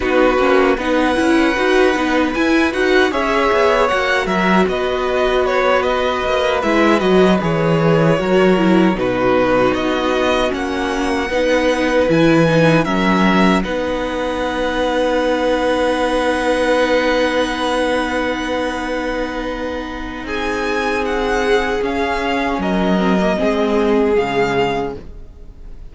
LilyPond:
<<
  \new Staff \with { instrumentName = "violin" } { \time 4/4 \tempo 4 = 77 b'4 fis''2 gis''8 fis''8 | e''4 fis''8 e''8 dis''4 cis''8 dis''8~ | dis''8 e''8 dis''8 cis''2 b'8~ | b'8 dis''4 fis''2 gis''8~ |
gis''8 e''4 fis''2~ fis''8~ | fis''1~ | fis''2 gis''4 fis''4 | f''4 dis''2 f''4 | }
  \new Staff \with { instrumentName = "violin" } { \time 4/4 fis'4 b'2. | cis''4. ais'8 b'2~ | b'2~ b'8 ais'4 fis'8~ | fis'2~ fis'8 b'4.~ |
b'8 ais'4 b'2~ b'8~ | b'1~ | b'2 gis'2~ | gis'4 ais'4 gis'2 | }
  \new Staff \with { instrumentName = "viola" } { \time 4/4 dis'8 cis'8 dis'8 e'8 fis'8 dis'8 e'8 fis'8 | gis'4 fis'2.~ | fis'8 e'8 fis'8 gis'4 fis'8 e'8 dis'8~ | dis'4. cis'4 dis'4 e'8 |
dis'8 cis'4 dis'2~ dis'8~ | dis'1~ | dis'1 | cis'4. c'16 ais16 c'4 gis4 | }
  \new Staff \with { instrumentName = "cello" } { \time 4/4 b8 ais8 b8 cis'8 dis'8 b8 e'8 dis'8 | cis'8 b8 ais8 fis8 b2 | ais8 gis8 fis8 e4 fis4 b,8~ | b,8 b4 ais4 b4 e8~ |
e8 fis4 b2~ b8~ | b1~ | b2 c'2 | cis'4 fis4 gis4 cis4 | }
>>